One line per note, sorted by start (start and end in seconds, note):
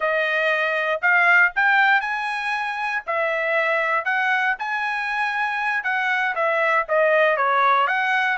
0.00 1.01 D#5
1.01 1.52 F5
1.55 2.01 G5
2.01 3.02 G#5
3.06 4.04 E5
4.04 4.55 F#5
4.58 5.83 G#5
5.83 6.34 F#5
6.35 6.86 E5
6.88 7.36 D#5
7.36 7.87 C#5
7.87 8.37 F#5